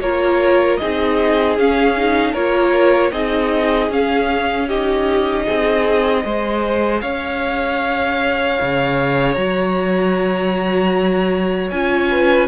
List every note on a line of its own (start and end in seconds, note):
0.00 0.78 A#3
0.00 0.81 F4
0.00 0.80 A#4
0.00 0.77 C#5
0.77 1.59 C4
0.77 1.59 D#4
0.77 2.33 G#4
0.77 1.55 D#5
1.59 2.35 C#4
1.59 1.97 C#4
1.59 2.35 F5
1.97 2.36 D#4
2.33 3.12 A#3
2.33 3.12 F4
2.33 3.11 A#4
2.33 3.12 C#5
3.12 3.89 C4
3.12 3.90 D#4
3.12 4.68 G#4
3.12 3.90 D#5
3.89 5.45 C#4
3.89 4.68 C#4
3.89 4.69 F5
4.68 6.26 D#4
4.68 5.46 G4
4.68 7.01 D#5
5.46 6.25 C4
5.46 6.24 G#4
6.25 7.03 G#3
6.25 9.36 G#4
6.25 7.02 C5
7.01 8.58 C#4
7.01 12.09 C#5
7.01 9.34 F5
8.62 9.37 C#3
9.34 11.71 F#3
9.34 11.69 F#4
9.34 11.68 A#5
11.70 12.48 C#4
11.70 12.48 F4
11.70 12.48 G#5
12.11 12.48 B4